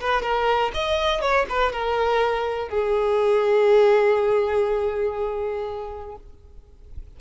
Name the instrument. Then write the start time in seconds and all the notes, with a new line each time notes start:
violin
0.00 B4
0.22 A#4
0.73 D#5
1.21 C#5
1.49 B4
1.72 A#4
2.69 G#4